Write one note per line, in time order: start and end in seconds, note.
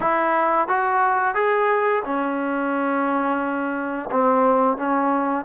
0.00 0.68 E4
0.68 1.34 F#4
1.34 2.02 G#4
2.05 4.09 C#4
4.11 4.77 C4
4.77 5.45 C#4